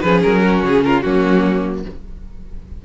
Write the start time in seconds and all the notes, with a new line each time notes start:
0.00 F3 C#4 G#4 B4
0.23 F#3 A#4
0.42 F#4
0.63 C#3 G#4
0.84 F4 A#4
1.01 F#3 A#3 C#4 F#4